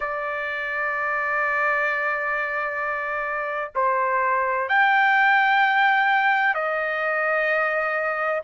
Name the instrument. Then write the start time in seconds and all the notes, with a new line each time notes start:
trumpet
0.00 D5
3.75 C5
4.69 G5
6.54 D#5